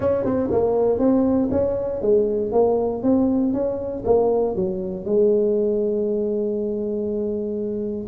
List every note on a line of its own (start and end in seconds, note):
0.00 0.25 C#4
0.25 0.50 C4
0.51 0.98 A#3
0.98 1.49 C4
1.51 2.01 C#4
2.01 2.52 G#3
2.52 3.02 A#3
3.03 3.53 C4
3.53 4.03 C#4
4.05 4.55 A#3
4.55 5.05 F#3
5.05 8.07 G#3